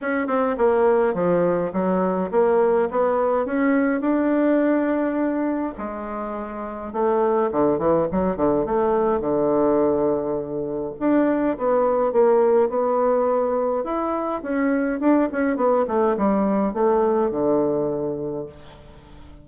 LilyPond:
\new Staff \with { instrumentName = "bassoon" } { \time 4/4 \tempo 4 = 104 cis'8 c'8 ais4 f4 fis4 | ais4 b4 cis'4 d'4~ | d'2 gis2 | a4 d8 e8 fis8 d8 a4 |
d2. d'4 | b4 ais4 b2 | e'4 cis'4 d'8 cis'8 b8 a8 | g4 a4 d2 | }